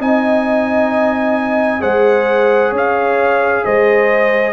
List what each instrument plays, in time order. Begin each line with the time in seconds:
0.00 tuba C4, trombone D#4, horn D#5, trumpet G#5
1.80 tuba G#3, trombone G#4, horn C5, trumpet F#5
2.71 tuba C#4, horn C#5
2.77 trumpet F5
3.65 tuba G#3, horn C5, trumpet D#5